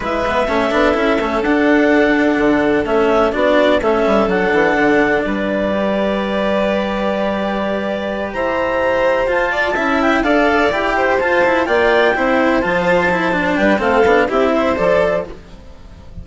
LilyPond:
<<
  \new Staff \with { instrumentName = "clarinet" } { \time 4/4 \tempo 4 = 126 e''2. fis''4~ | fis''2 e''4 d''4 | e''4 fis''2 d''4~ | d''1~ |
d''4. ais''2 a''8~ | a''4 g''8 f''4 g''4 a''8~ | a''8 g''2 a''4.~ | a''8 g''8 f''4 e''4 d''4 | }
  \new Staff \with { instrumentName = "violin" } { \time 4/4 b'4 a'2.~ | a'2. fis'4 | a'2. b'4~ | b'1~ |
b'4. c''2~ c''8 | d''8 e''4 d''4. c''4~ | c''8 d''4 c''2~ c''8~ | c''8 b'8 a'4 g'8 c''4. | }
  \new Staff \with { instrumentName = "cello" } { \time 4/4 e'8 b8 cis'8 d'8 e'8 cis'8 d'4~ | d'2 cis'4 d'4 | cis'4 d'2. | g'1~ |
g'2.~ g'8 f'8~ | f'8 e'4 a'4 g'4 f'8 | e'8 f'4 e'4 f'4 e'8 | d'4 c'8 d'8 e'4 a'4 | }
  \new Staff \with { instrumentName = "bassoon" } { \time 4/4 gis4 a8 b8 cis'8 a8 d'4~ | d'4 d4 a4 b4 | a8 g8 fis8 e8 d4 g4~ | g1~ |
g4. e'2 f'8~ | f'8 cis'4 d'4 e'4 f'8~ | f'8 ais4 c'4 f4.~ | f8 g8 a8 b8 c'4 f4 | }
>>